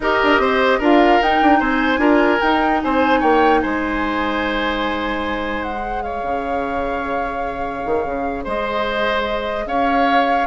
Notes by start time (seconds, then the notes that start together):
0.00 D#4 G4 A#4 D#5
0.23 D4
0.38 C4 C5
0.78 D4 F4 A#4 F5
1.20 D#4 G5
1.42 D4
1.59 C4 C5 G#5
1.97 D4 F4 A#4
2.40 D#4 G5
2.83 C4 C5 G#5
3.20 A#3 C#5 G5
3.61 G#3 C5 G#5
5.63 F#5
5.74 G#4
6.02 C#5 F5
6.22 C#3
7.85 D#3
8.05 C#3
8.44 G#3 C5 D#5
9.65 C#4 C#5 F5